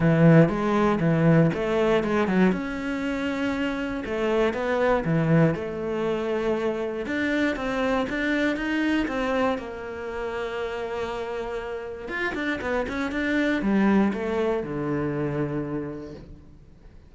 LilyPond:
\new Staff \with { instrumentName = "cello" } { \time 4/4 \tempo 4 = 119 e4 gis4 e4 a4 | gis8 fis8 cis'2. | a4 b4 e4 a4~ | a2 d'4 c'4 |
d'4 dis'4 c'4 ais4~ | ais1 | f'8 d'8 b8 cis'8 d'4 g4 | a4 d2. | }